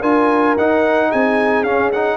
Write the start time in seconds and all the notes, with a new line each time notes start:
0.00 D4 F4 A#4 G#5
0.57 D#4 F#5
1.10 C4 G#4 G#5
1.63 C#4 F5
1.93 D#4 F#5